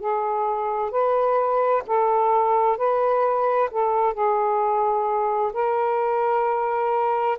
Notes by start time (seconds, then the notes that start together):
0.00 G#4
0.90 B4
1.87 A4
2.77 B4
3.70 A4
4.13 G#4
5.53 A#4